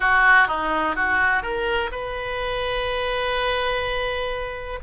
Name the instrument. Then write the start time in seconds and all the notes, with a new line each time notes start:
oboe
0.00 F#4
0.47 D#4
0.95 F#4
1.42 A#4
1.91 B4